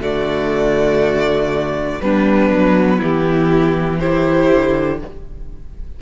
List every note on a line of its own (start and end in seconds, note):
0.00 2.00 D3
0.00 2.00 A3
0.00 2.01 F#4
0.00 2.01 D5
2.01 2.50 G3
2.01 4.00 B3
2.01 2.97 D4
2.01 3.01 B4
2.50 3.00 F#3
2.97 4.51 E3
2.97 3.97 E4
2.97 4.00 G4
4.00 5.00 E4
4.00 5.00 G4
4.00 5.00 C5
4.51 5.01 D3